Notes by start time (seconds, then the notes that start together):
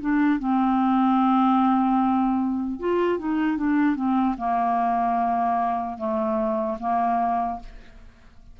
0.00 D4
0.39 C4
2.79 F4
3.19 D#4
3.57 D4
3.96 C4
4.37 A#3
5.97 A3
6.79 A#3